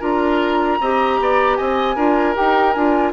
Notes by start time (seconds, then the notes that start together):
0.00 D4 F4 A#4 A#5
0.80 C4 G4 D#5
1.20 B3 D5
1.56 C4 D#5 G#5
1.96 D4 F4 A#4
2.35 D#4 G4 G5
2.73 D4 F4 G#5